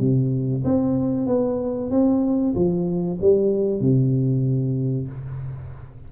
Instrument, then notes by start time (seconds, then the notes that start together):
tuba
0.00 C3
0.65 C4
1.27 B3
1.91 C4
2.55 F3
3.21 G3
3.81 C3